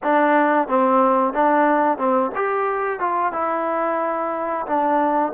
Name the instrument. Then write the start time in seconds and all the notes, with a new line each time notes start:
trombone
0.03 D4
0.68 C4
1.33 D4
1.98 C4
2.35 G4
2.99 F4
3.32 E4
4.66 D4